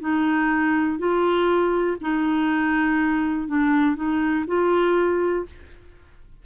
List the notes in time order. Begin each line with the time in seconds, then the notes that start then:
0.00 D#4
0.98 F4
2.01 D#4
3.48 D4
3.95 D#4
4.47 F4